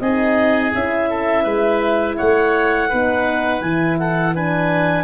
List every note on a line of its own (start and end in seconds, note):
0.00 0.73 C4
0.00 0.74 D#4
0.00 1.10 G#4
0.00 0.72 D#5
0.74 1.45 C#4
0.74 2.91 E4
0.74 2.18 E5
1.10 1.44 A4
1.44 2.18 G#3
1.44 2.16 B4
2.17 2.93 A3
2.17 2.89 C#5
2.17 3.61 F#5
2.89 3.61 B3
2.89 3.63 D#4
2.89 3.98 B4
3.61 5.05 E3
3.61 4.35 E4
3.61 3.98 G#5
3.99 4.35 A4
3.99 4.35 F#5
4.35 5.05 D4
4.35 5.05 B4
4.35 5.05 G#5